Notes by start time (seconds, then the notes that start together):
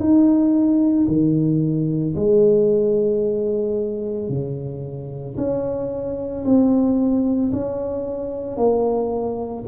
0.00 D#4
1.08 D#3
2.16 G#3
4.29 C#3
5.37 C#4
6.45 C4
7.53 C#4
8.57 A#3